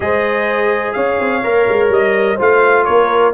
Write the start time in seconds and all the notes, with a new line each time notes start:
0.00 G#3 G#4 C5 D#5
0.92 C#4 C#5 F5
1.19 C4
1.43 A#3 A#4
1.68 G#3
1.89 G3 D#5
2.35 A3 F4 C5 F5
2.84 A#3 A#4 C#5